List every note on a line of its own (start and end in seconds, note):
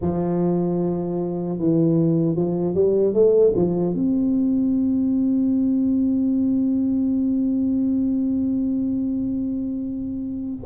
0.01 1.58 F3
1.58 2.35 E3
2.35 2.74 F3
2.74 3.13 G3
3.13 3.53 A3
3.55 3.94 F3
3.94 10.65 C4